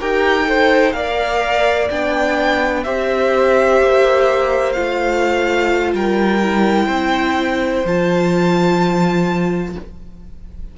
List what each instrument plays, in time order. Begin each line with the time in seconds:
0.00 cello D#4, viola G4, violin A#4 G5
0.45 viola A4, violin C5
0.92 cello A#3, viola A#4, violin D5 F5
1.90 cello B3, viola D4, violin G5
2.84 cello C4, viola G4, violin C5 E5
3.81 cello A#3
4.72 cello A3, viola F4, violin F5
5.93 cello G3, violin A#4 G5
6.42 viola E4
6.86 cello C4, violin C5
7.85 cello F3, viola F4, violin A5